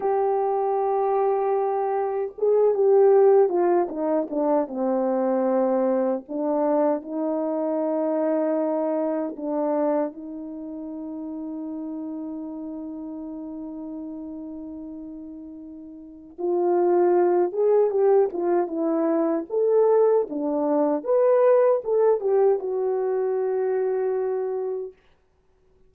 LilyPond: \new Staff \with { instrumentName = "horn" } { \time 4/4 \tempo 4 = 77 g'2. gis'8 g'8~ | g'8 f'8 dis'8 d'8 c'2 | d'4 dis'2. | d'4 dis'2.~ |
dis'1~ | dis'4 f'4. gis'8 g'8 f'8 | e'4 a'4 d'4 b'4 | a'8 g'8 fis'2. | }